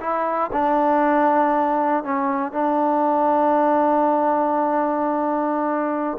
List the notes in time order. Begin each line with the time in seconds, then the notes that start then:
0.00 E4
0.52 D4
2.04 C#4
2.52 D4